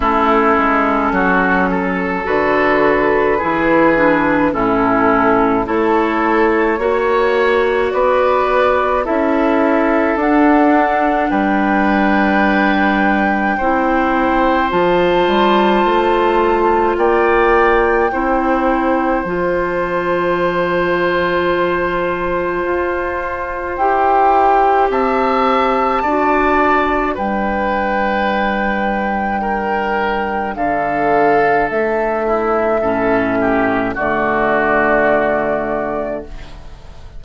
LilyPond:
<<
  \new Staff \with { instrumentName = "flute" } { \time 4/4 \tempo 4 = 53 a'2 b'2 | a'4 cis''2 d''4 | e''4 fis''4 g''2~ | g''4 a''2 g''4~ |
g''4 a''2.~ | a''4 g''4 a''2 | g''2. f''4 | e''2 d''2 | }
  \new Staff \with { instrumentName = "oboe" } { \time 4/4 e'4 fis'8 a'4. gis'4 | e'4 a'4 cis''4 b'4 | a'2 b'2 | c''2. d''4 |
c''1~ | c''2 e''4 d''4 | b'2 ais'4 a'4~ | a'8 e'8 a'8 g'8 fis'2 | }
  \new Staff \with { instrumentName = "clarinet" } { \time 4/4 cis'2 fis'4 e'8 d'8 | cis'4 e'4 fis'2 | e'4 d'2. | e'4 f'2. |
e'4 f'2.~ | f'4 g'2 fis'4 | d'1~ | d'4 cis'4 a2 | }
  \new Staff \with { instrumentName = "bassoon" } { \time 4/4 a8 gis8 fis4 d4 e4 | a,4 a4 ais4 b4 | cis'4 d'4 g2 | c'4 f8 g8 a4 ais4 |
c'4 f2. | f'4 e'4 c'4 d'4 | g2. d4 | a4 a,4 d2 | }
>>